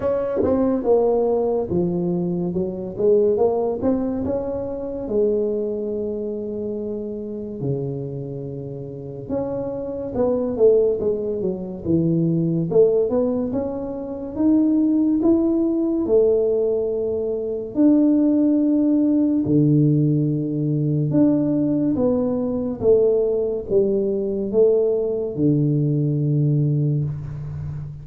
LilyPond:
\new Staff \with { instrumentName = "tuba" } { \time 4/4 \tempo 4 = 71 cis'8 c'8 ais4 f4 fis8 gis8 | ais8 c'8 cis'4 gis2~ | gis4 cis2 cis'4 | b8 a8 gis8 fis8 e4 a8 b8 |
cis'4 dis'4 e'4 a4~ | a4 d'2 d4~ | d4 d'4 b4 a4 | g4 a4 d2 | }